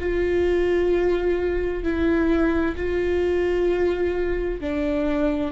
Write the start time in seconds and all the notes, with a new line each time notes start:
0.00 F4
1.83 E4
2.77 F4
4.61 D4